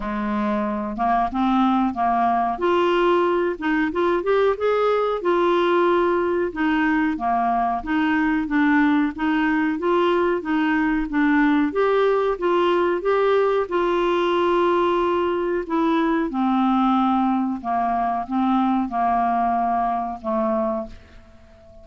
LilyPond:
\new Staff \with { instrumentName = "clarinet" } { \time 4/4 \tempo 4 = 92 gis4. ais8 c'4 ais4 | f'4. dis'8 f'8 g'8 gis'4 | f'2 dis'4 ais4 | dis'4 d'4 dis'4 f'4 |
dis'4 d'4 g'4 f'4 | g'4 f'2. | e'4 c'2 ais4 | c'4 ais2 a4 | }